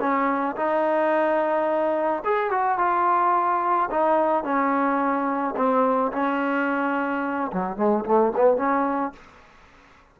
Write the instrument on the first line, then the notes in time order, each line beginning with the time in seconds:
trombone
0.00 C#4
0.56 D#4
2.25 G#4
2.51 F#4
2.78 F4
3.91 D#4
4.44 C#4
5.56 C4
6.12 C#4
7.52 F#3
7.77 G#3
8.05 A3
8.36 B3
8.57 C#4